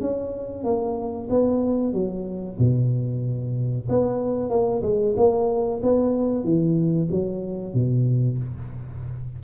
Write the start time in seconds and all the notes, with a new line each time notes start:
0.00 C#4
0.63 A#3
1.29 B3
1.93 F#3
2.58 B2
3.89 B3
4.50 A#3
4.82 G#3
5.16 A#3
5.82 B3
6.44 E3
7.11 F#3
7.74 B2